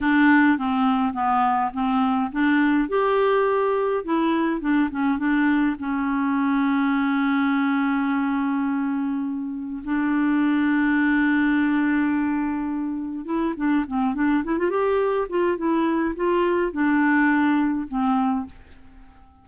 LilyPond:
\new Staff \with { instrumentName = "clarinet" } { \time 4/4 \tempo 4 = 104 d'4 c'4 b4 c'4 | d'4 g'2 e'4 | d'8 cis'8 d'4 cis'2~ | cis'1~ |
cis'4 d'2.~ | d'2. e'8 d'8 | c'8 d'8 e'16 f'16 g'4 f'8 e'4 | f'4 d'2 c'4 | }